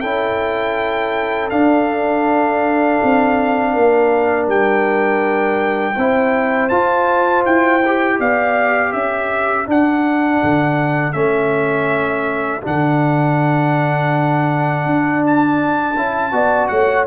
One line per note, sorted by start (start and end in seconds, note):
0.00 1.51 C#4
0.00 1.50 E4
0.00 3.71 A4
0.00 1.48 G5
1.49 5.94 D4
1.49 2.99 D4
1.49 4.46 F5
3.03 3.75 C4
3.73 4.47 A#3
3.73 5.95 A#4
4.47 5.95 G3
4.47 6.69 G5
5.96 6.70 C4
5.96 6.70 E4
5.96 8.18 C5
6.69 7.81 F4
6.69 7.45 F4
6.69 7.43 A5
7.45 8.19 E4
7.45 8.19 G5
7.86 9.66 G4
8.19 8.93 B3
8.19 8.91 D5
8.19 8.92 F5
8.91 9.67 C#4
8.91 16.32 A4
8.91 9.66 E5
9.66 11.13 D4
9.66 10.41 D4
9.66 11.12 F#5
10.43 11.14 D3
11.12 12.62 A3
11.12 12.61 C#4
11.12 12.60 E5
12.62 14.85 D3
12.62 15.95 D4
12.62 15.25 F#5
14.85 15.95 D4
15.26 16.67 A5
15.95 16.32 C#4
15.95 16.32 E4
16.32 16.69 B3
16.32 17.06 F#4
16.32 16.71 D5
16.67 17.06 A3
16.67 17.06 C#5
16.67 17.04 F#5